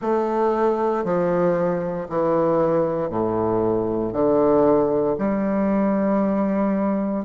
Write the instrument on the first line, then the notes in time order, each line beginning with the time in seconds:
bassoon
0.01 A3
1.04 F3
2.09 E3
3.09 A2
4.12 D3
5.18 G3